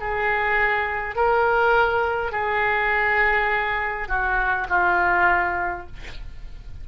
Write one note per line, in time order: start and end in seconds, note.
0.00 1.16 G#4
1.16 2.32 A#4
2.32 4.08 G#4
4.08 4.67 F#4
4.69 5.87 F4